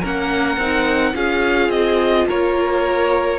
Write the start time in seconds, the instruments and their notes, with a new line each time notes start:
0.00 cello A#3, viola C#4, violin A#4 F#5
0.57 cello C4, viola D#4
1.14 cello C#4, viola F4, violin G#4 F5
1.69 cello C4, violin D#5
2.27 cello A#3, violin A#4 C#5